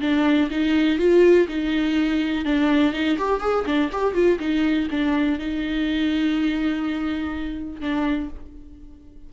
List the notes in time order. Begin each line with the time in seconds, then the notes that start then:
0.00 D4
0.50 D#4
0.98 F4
1.48 D#4
2.45 D4
2.93 D#4
3.18 G4
3.40 G#4
3.65 D4
3.92 G4
4.14 F4
4.39 D#4
4.90 D4
5.39 D#4
7.80 D4